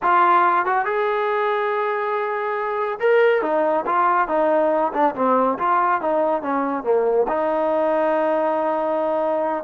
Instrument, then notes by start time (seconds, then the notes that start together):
trombone
0.02 F4
0.65 F#4
0.85 G#4
2.99 A#4
3.41 D#4
3.86 F4
4.28 D#4
4.93 D4
5.15 C4
5.58 F4
6.01 D#4
6.42 C#4
6.83 A#3
7.28 D#4